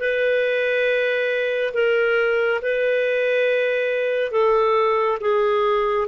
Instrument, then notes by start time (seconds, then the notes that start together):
clarinet
0.00 B4
1.74 A#4
2.62 B4
4.32 A4
5.21 G#4